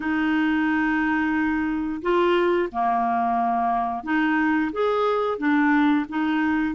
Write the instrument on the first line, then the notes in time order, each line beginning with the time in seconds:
clarinet
0.00 D#4
2.02 F4
2.72 A#3
4.03 D#4
4.72 G#4
5.38 D4
6.08 D#4